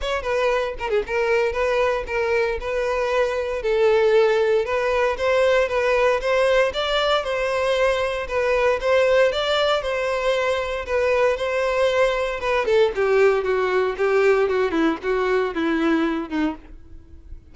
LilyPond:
\new Staff \with { instrumentName = "violin" } { \time 4/4 \tempo 4 = 116 cis''8 b'4 ais'16 gis'16 ais'4 b'4 | ais'4 b'2 a'4~ | a'4 b'4 c''4 b'4 | c''4 d''4 c''2 |
b'4 c''4 d''4 c''4~ | c''4 b'4 c''2 | b'8 a'8 g'4 fis'4 g'4 | fis'8 e'8 fis'4 e'4. dis'8 | }